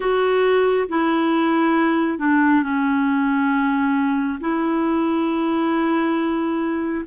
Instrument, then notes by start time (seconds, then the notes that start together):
clarinet
0.00 F#4
0.88 E4
2.18 D4
2.62 C#4
4.40 E4